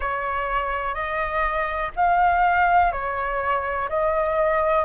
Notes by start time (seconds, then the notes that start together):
0.00 C#5
0.94 D#5
1.96 F5
2.92 C#5
3.89 D#5